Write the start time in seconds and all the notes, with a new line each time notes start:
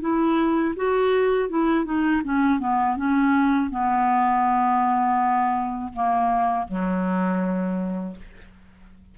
0.00 E4
0.76 F#4
1.49 E4
1.85 D#4
2.24 C#4
2.59 B3
2.96 C#4
3.70 B3
5.93 A#3
6.68 F#3